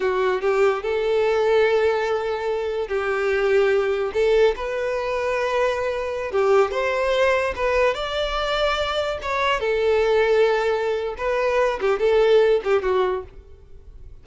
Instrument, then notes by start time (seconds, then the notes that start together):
violin
0.00 F#4
0.41 G4
0.83 A4
2.88 G4
4.13 A4
4.55 B4
6.31 G4
6.71 C5
7.55 B4
7.94 D5
9.22 C#5
9.60 A4
11.17 B4
11.80 G4
11.99 A4
12.64 G4
12.82 F#4